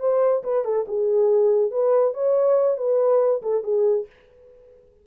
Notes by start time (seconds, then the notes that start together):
0.00 C5
0.44 B4
0.65 A4
0.88 G#4
1.71 B4
2.14 C#5
2.77 B4
3.42 A4
3.64 G#4